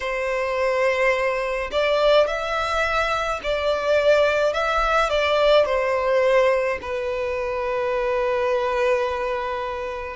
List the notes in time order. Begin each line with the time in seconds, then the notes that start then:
0.00 C5
1.71 D5
2.26 E5
3.43 D5
4.53 E5
5.09 D5
5.65 C5
6.81 B4